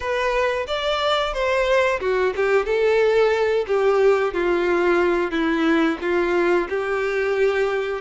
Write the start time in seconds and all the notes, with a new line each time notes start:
0.00 B4
0.67 D5
1.33 C5
2.00 F#4
2.35 G4
2.65 A4
3.67 G4
4.33 F4
5.31 E4
6.01 F4
6.69 G4